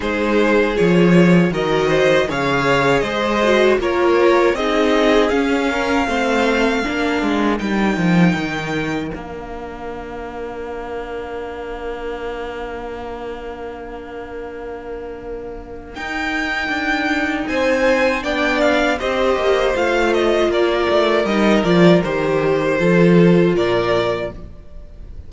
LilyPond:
<<
  \new Staff \with { instrumentName = "violin" } { \time 4/4 \tempo 4 = 79 c''4 cis''4 dis''4 f''4 | dis''4 cis''4 dis''4 f''4~ | f''2 g''2 | f''1~ |
f''1~ | f''4 g''2 gis''4 | g''8 f''8 dis''4 f''8 dis''8 d''4 | dis''8 d''8 c''2 d''4 | }
  \new Staff \with { instrumentName = "violin" } { \time 4/4 gis'2 ais'8 c''8 cis''4 | c''4 ais'4 gis'4. ais'8 | c''4 ais'2.~ | ais'1~ |
ais'1~ | ais'2. c''4 | d''4 c''2 ais'4~ | ais'2 a'4 ais'4 | }
  \new Staff \with { instrumentName = "viola" } { \time 4/4 dis'4 f'4 fis'4 gis'4~ | gis'8 fis'8 f'4 dis'4 cis'4 | c'4 d'4 dis'2 | d'1~ |
d'1~ | d'4 dis'2. | d'4 g'4 f'2 | dis'8 f'8 g'4 f'2 | }
  \new Staff \with { instrumentName = "cello" } { \time 4/4 gis4 f4 dis4 cis4 | gis4 ais4 c'4 cis'4 | a4 ais8 gis8 g8 f8 dis4 | ais1~ |
ais1~ | ais4 dis'4 d'4 c'4 | b4 c'8 ais8 a4 ais8 a8 | g8 f8 dis4 f4 ais,4 | }
>>